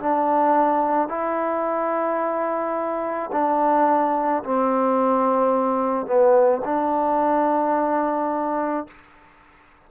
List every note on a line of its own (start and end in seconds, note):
0.00 1.09 D4
1.09 3.31 E4
3.33 4.44 D4
4.44 6.07 C4
6.07 6.62 B3
6.65 8.87 D4